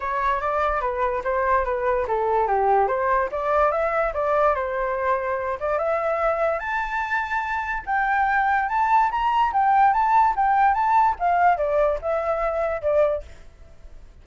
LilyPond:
\new Staff \with { instrumentName = "flute" } { \time 4/4 \tempo 4 = 145 cis''4 d''4 b'4 c''4 | b'4 a'4 g'4 c''4 | d''4 e''4 d''4 c''4~ | c''4. d''8 e''2 |
a''2. g''4~ | g''4 a''4 ais''4 g''4 | a''4 g''4 a''4 f''4 | d''4 e''2 d''4 | }